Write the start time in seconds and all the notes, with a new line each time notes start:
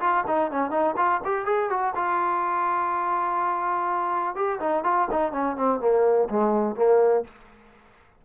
0.00 F4
0.27 D#4
0.51 C#4
0.71 D#4
0.97 F4
1.24 G4
1.45 G#4
1.70 F#4
1.95 F4
4.35 G4
4.60 D#4
4.84 F4
5.11 D#4
5.32 C#4
5.56 C4
5.80 A#3
6.30 G#3
6.76 A#3